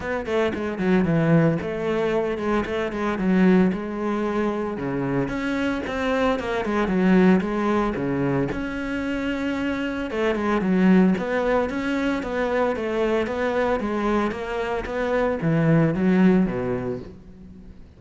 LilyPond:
\new Staff \with { instrumentName = "cello" } { \time 4/4 \tempo 4 = 113 b8 a8 gis8 fis8 e4 a4~ | a8 gis8 a8 gis8 fis4 gis4~ | gis4 cis4 cis'4 c'4 | ais8 gis8 fis4 gis4 cis4 |
cis'2. a8 gis8 | fis4 b4 cis'4 b4 | a4 b4 gis4 ais4 | b4 e4 fis4 b,4 | }